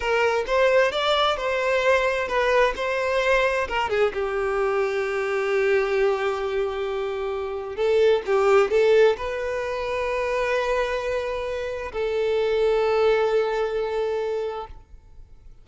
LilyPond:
\new Staff \with { instrumentName = "violin" } { \time 4/4 \tempo 4 = 131 ais'4 c''4 d''4 c''4~ | c''4 b'4 c''2 | ais'8 gis'8 g'2.~ | g'1~ |
g'4 a'4 g'4 a'4 | b'1~ | b'2 a'2~ | a'1 | }